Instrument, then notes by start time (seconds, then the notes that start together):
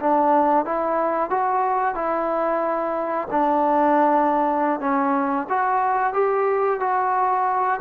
trombone
0.00 D4
0.65 E4
1.30 F#4
1.95 E4
3.31 D4
4.80 C#4
5.49 F#4
6.13 G4
6.80 F#4